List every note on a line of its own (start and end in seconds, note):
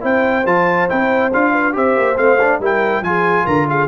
0.00 0.45 C4
0.00 0.43 E4
0.00 1.52 C5
0.00 0.46 G5
0.45 0.88 F3
0.45 0.89 F4
0.45 0.89 A5
0.89 1.34 C4
0.89 1.32 E4
0.89 1.32 G5
1.33 1.76 D4
1.33 1.72 F4
1.33 1.75 F5
1.52 1.74 B4
1.72 1.96 C4
1.72 2.15 G4
1.72 2.60 C5
1.72 2.17 E5
1.96 2.18 A#3
2.17 2.60 A3
2.17 2.38 C4
2.17 2.60 F5
2.40 2.61 D4
2.60 3.01 G3
2.60 3.04 E4
2.60 3.03 A#4
2.60 3.03 G5
3.01 3.44 F3
3.01 3.87 F4
3.01 3.45 G#4
3.01 3.46 G#5
3.45 3.87 D3
3.45 3.66 A#4
3.45 3.67 A#5
3.69 3.87 G#4
3.69 3.87 F5